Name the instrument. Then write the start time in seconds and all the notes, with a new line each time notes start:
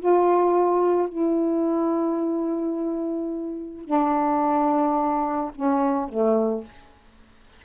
saxophone
0.00 F4
1.09 E4
3.85 D4
5.56 C#4
6.09 A3